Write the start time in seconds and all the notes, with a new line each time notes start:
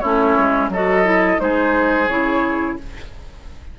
0.00 A3 C#4 E4 C#5
0.38 G#3
0.69 F#3 F#4 A4 D#5
1.05 E4
1.38 G#3 D#4 G#4 C5
2.09 C#3 E4 C#5